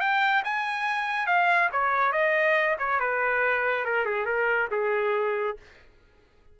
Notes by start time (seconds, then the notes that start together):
0.00 G5
0.44 G#5
1.26 F5
1.72 C#5
2.12 D#5
2.78 C#5
3.00 B4
3.85 A#4
4.05 G#4
4.25 A#4
4.71 G#4